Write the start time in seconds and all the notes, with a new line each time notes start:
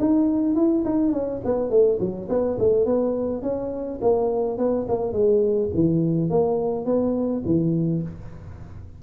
0.00 D#4
0.55 E4
0.85 D#4
1.12 C#4
1.45 B3
1.70 A3
2.00 F#3
2.29 B3
2.59 A3
2.85 B3
3.42 C#4
4.02 A#3
4.58 B3
4.88 A#3
5.13 G#3
5.74 E3
6.30 A#3
6.85 B3
7.45 E3